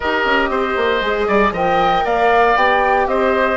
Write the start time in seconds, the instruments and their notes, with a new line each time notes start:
0.00 bassoon D#4, viola G4, oboe A#4, flute D#5
0.25 bassoon C#4
0.49 bassoon C4, oboe C5
0.76 bassoon A#3
1.01 bassoon G#3, viola G#4
1.27 bassoon G3, oboe D5
1.51 bassoon F3, viola A#4, oboe D#5, flute G5
2.04 bassoon A#3, oboe D5, flute F5
2.55 bassoon B3, viola G4, flute G5
3.07 bassoon C4, oboe C5, flute D#5